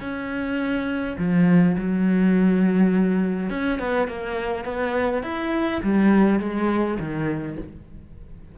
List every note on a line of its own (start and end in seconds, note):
0.00 1.17 C#4
1.18 1.76 F3
1.77 3.50 F#3
3.50 3.79 C#4
3.79 4.08 B3
4.08 4.64 A#3
4.64 5.23 B3
5.23 5.81 E4
5.83 6.39 G3
6.39 6.97 G#3
6.99 7.57 D#3